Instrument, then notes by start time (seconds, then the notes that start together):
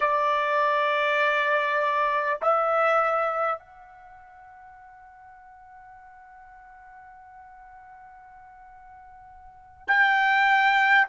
trumpet
0.00 D5
2.41 E5
3.58 F#5
9.87 G5